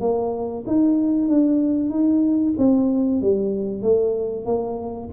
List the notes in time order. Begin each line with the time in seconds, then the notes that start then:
0.00 A#3
0.66 D#4
1.28 D4
1.90 D#4
2.57 C4
3.21 G3
3.82 A3
4.45 A#3